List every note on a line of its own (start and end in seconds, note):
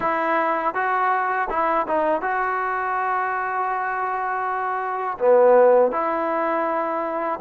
0.00 0.74 E4
0.74 1.48 F#4
1.49 1.86 E4
1.87 2.21 D#4
2.21 5.18 F#4
5.18 5.91 B3
5.91 7.39 E4